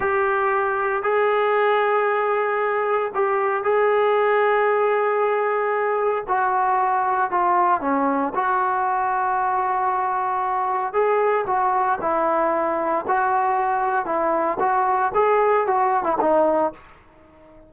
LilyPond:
\new Staff \with { instrumentName = "trombone" } { \time 4/4 \tempo 4 = 115 g'2 gis'2~ | gis'2 g'4 gis'4~ | gis'1 | fis'2 f'4 cis'4 |
fis'1~ | fis'4 gis'4 fis'4 e'4~ | e'4 fis'2 e'4 | fis'4 gis'4 fis'8. e'16 dis'4 | }